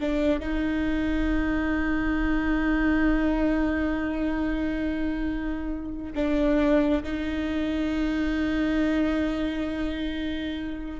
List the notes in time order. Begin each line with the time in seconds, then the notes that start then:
0.00 D4
0.40 D#4
6.15 D4
7.03 D#4